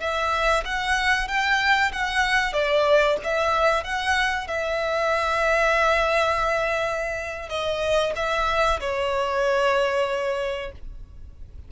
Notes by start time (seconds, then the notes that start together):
0.00 E5
0.65 F#5
1.28 G5
1.92 F#5
2.53 D5
3.24 E5
3.84 F#5
4.47 E5
7.49 D#5
8.16 E5
8.80 C#5